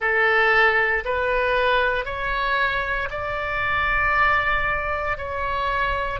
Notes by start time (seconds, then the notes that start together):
0.00 A4
1.04 B4
2.05 C#5
3.10 D5
5.17 C#5